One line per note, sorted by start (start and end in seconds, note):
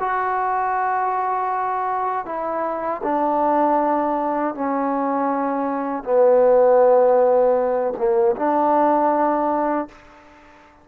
0.00 2.26 F#4
2.26 3.02 E4
3.03 4.55 D4
4.55 6.04 C#4
6.04 7.94 B3
7.97 8.35 A#3
8.36 9.88 D4